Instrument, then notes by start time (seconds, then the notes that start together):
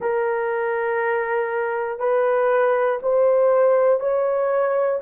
horn
0.00 A#4
1.99 B4
3.02 C5
4.00 C#5